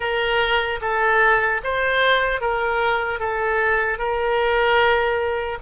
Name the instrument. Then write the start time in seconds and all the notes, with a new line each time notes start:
oboe
0.00 A#4
0.81 A4
1.63 C5
2.40 A#4
3.19 A4
3.98 A#4